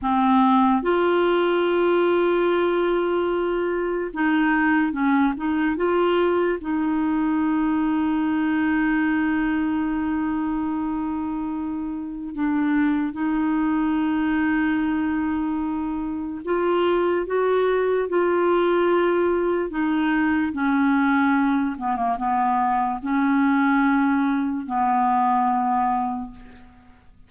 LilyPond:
\new Staff \with { instrumentName = "clarinet" } { \time 4/4 \tempo 4 = 73 c'4 f'2.~ | f'4 dis'4 cis'8 dis'8 f'4 | dis'1~ | dis'2. d'4 |
dis'1 | f'4 fis'4 f'2 | dis'4 cis'4. b16 ais16 b4 | cis'2 b2 | }